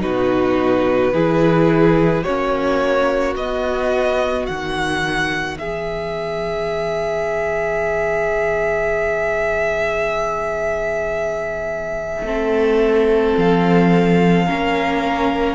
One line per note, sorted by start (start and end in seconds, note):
0.00 1.12 B2
0.00 1.11 D#4
0.00 1.13 F#4
0.00 2.23 B4
1.12 2.24 E3
1.12 2.25 E4
1.12 2.24 G#4
2.23 3.36 A#3
2.23 3.37 C#4
2.23 5.57 F#4
2.23 3.34 C#5
3.36 4.47 B3
3.36 12.26 B3
3.36 4.46 D#5
4.46 5.60 D#3
4.46 5.57 F#5
5.58 12.22 E3
5.58 12.25 G#4
5.58 13.36 E5
12.22 13.33 A3
12.22 14.47 C4
12.22 14.46 A4
13.37 14.48 F3
13.37 15.55 F5
14.46 15.55 A#3
14.46 15.55 C#4
14.46 15.55 A#4